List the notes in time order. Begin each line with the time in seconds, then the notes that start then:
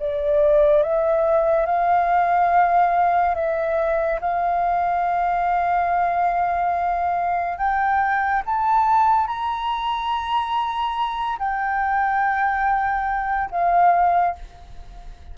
0.00 D5
0.83 E5
1.66 F5
3.35 E5
4.21 F5
7.58 G5
8.46 A5
9.27 A#5
11.39 G5
13.51 F5